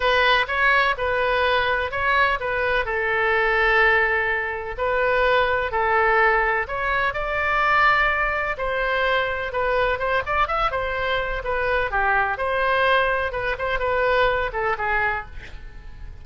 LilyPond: \new Staff \with { instrumentName = "oboe" } { \time 4/4 \tempo 4 = 126 b'4 cis''4 b'2 | cis''4 b'4 a'2~ | a'2 b'2 | a'2 cis''4 d''4~ |
d''2 c''2 | b'4 c''8 d''8 e''8 c''4. | b'4 g'4 c''2 | b'8 c''8 b'4. a'8 gis'4 | }